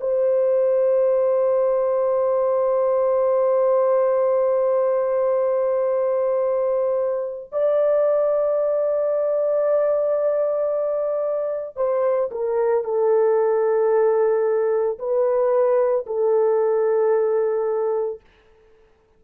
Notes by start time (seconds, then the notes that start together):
0.00 C5
7.52 D5
11.77 C5
12.31 A#4
12.84 A4
14.99 B4
16.06 A4